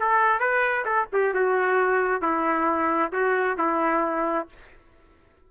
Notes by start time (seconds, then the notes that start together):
0.00 A4
0.40 B4
0.86 A4
1.13 G4
1.34 F#4
2.22 E4
3.13 F#4
3.58 E4